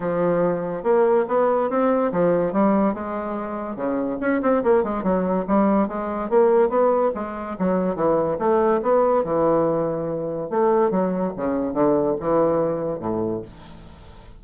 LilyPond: \new Staff \with { instrumentName = "bassoon" } { \time 4/4 \tempo 4 = 143 f2 ais4 b4 | c'4 f4 g4 gis4~ | gis4 cis4 cis'8 c'8 ais8 gis8 | fis4 g4 gis4 ais4 |
b4 gis4 fis4 e4 | a4 b4 e2~ | e4 a4 fis4 cis4 | d4 e2 a,4 | }